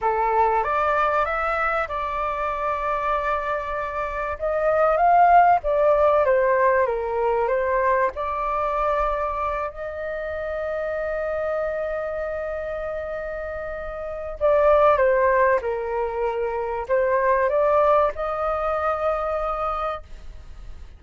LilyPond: \new Staff \with { instrumentName = "flute" } { \time 4/4 \tempo 4 = 96 a'4 d''4 e''4 d''4~ | d''2. dis''4 | f''4 d''4 c''4 ais'4 | c''4 d''2~ d''8 dis''8~ |
dis''1~ | dis''2. d''4 | c''4 ais'2 c''4 | d''4 dis''2. | }